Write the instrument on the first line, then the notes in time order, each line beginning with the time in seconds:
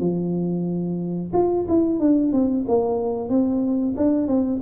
tuba
0.00 F3
1.33 F4
1.68 E4
1.99 D4
2.32 C4
2.68 A#3
3.29 C4
3.97 D4
4.28 C4